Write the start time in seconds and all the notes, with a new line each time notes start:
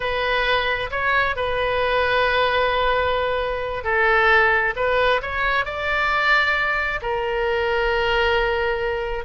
0.00 B4
0.90 C#5
1.36 B4
3.84 A4
4.76 B4
5.22 C#5
5.65 D5
7.01 A#4